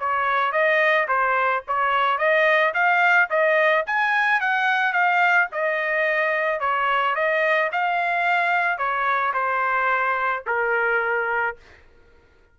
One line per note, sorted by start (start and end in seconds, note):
0.00 0.52 C#5
0.52 1.07 D#5
1.08 1.63 C5
1.68 2.18 C#5
2.18 2.73 D#5
2.74 3.29 F5
3.30 3.85 D#5
3.86 4.40 G#5
4.40 4.93 F#5
4.93 5.48 F5
5.52 6.60 D#5
6.60 7.15 C#5
7.15 7.70 D#5
7.72 8.78 F5
8.78 9.33 C#5
9.34 10.44 C5
10.46 11.56 A#4